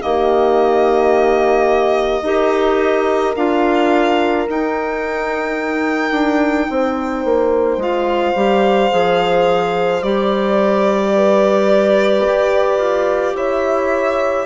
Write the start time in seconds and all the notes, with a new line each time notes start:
0.00 D#3 A#3 G4 D#5
2.22 D#4 G4 A#4
3.36 D4 F4 F5
4.48 D#4 G5
6.11 D4
6.69 C4 C5
7.24 A#3
7.77 G#3 F4 F5
8.35 G3 G4
8.90 F3 G#4
10.02 G3 G4 D5
11.15 B4
12.26 G4
12.78 F4
13.35 E4 C#5 E5